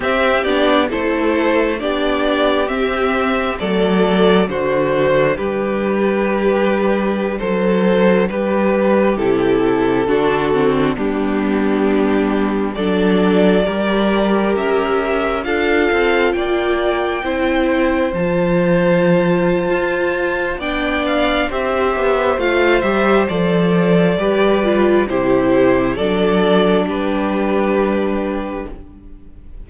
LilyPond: <<
  \new Staff \with { instrumentName = "violin" } { \time 4/4 \tempo 4 = 67 e''8 d''8 c''4 d''4 e''4 | d''4 c''4 b'2~ | b'16 c''4 b'4 a'4.~ a'16~ | a'16 g'2 d''4.~ d''16~ |
d''16 e''4 f''4 g''4.~ g''16~ | g''16 a''2~ a''8. g''8 f''8 | e''4 f''8 e''8 d''2 | c''4 d''4 b'2 | }
  \new Staff \with { instrumentName = "violin" } { \time 4/4 g'4 a'4 g'2 | a'4 fis'4 g'2~ | g'16 a'4 g'2 fis'8.~ | fis'16 d'2 a'4 ais'8.~ |
ais'4~ ais'16 a'4 d''4 c''8.~ | c''2. d''4 | c''2. b'4 | g'4 a'4 g'2 | }
  \new Staff \with { instrumentName = "viola" } { \time 4/4 c'8 d'8 e'4 d'4 c'4 | a4 d'2.~ | d'2~ d'16 e'4 d'8 c'16~ | c'16 b2 d'4 g'8.~ |
g'4~ g'16 f'2 e'8.~ | e'16 f'2~ f'8. d'4 | g'4 f'8 g'8 a'4 g'8 f'8 | e'4 d'2. | }
  \new Staff \with { instrumentName = "cello" } { \time 4/4 c'8 b8 a4 b4 c'4 | fis4 d4 g2~ | g16 fis4 g4 c4 d8.~ | d16 g2 fis4 g8.~ |
g16 cis'4 d'8 c'8 ais4 c'8.~ | c'16 f4.~ f16 f'4 b4 | c'8 b8 a8 g8 f4 g4 | c4 fis4 g2 | }
>>